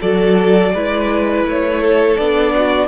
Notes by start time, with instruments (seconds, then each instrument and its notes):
0.00 cello F#3, viola F#4, violin A4 D5
0.73 cello G#3, viola E4, violin B4
1.45 cello A3, violin C#5
1.81 violin A4
2.17 cello B3, viola D4, violin D5
2.55 violin F#4